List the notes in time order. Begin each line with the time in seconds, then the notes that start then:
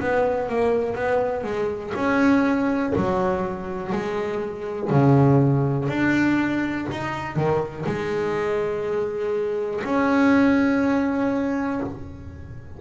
0.00 B3
0.49 A#3
0.96 B3
1.44 G#3
1.95 C#4
2.96 F#3
3.93 G#3
4.90 C#3
5.89 D4
6.91 D#4
7.36 D#3
7.86 G#3
9.85 C#4